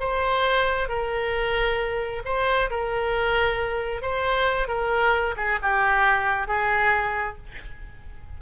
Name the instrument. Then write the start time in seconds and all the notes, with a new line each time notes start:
oboe
0.00 C5
0.88 A#4
2.25 C5
2.70 A#4
4.02 C5
4.68 A#4
5.37 G#4
5.62 G4
6.47 G#4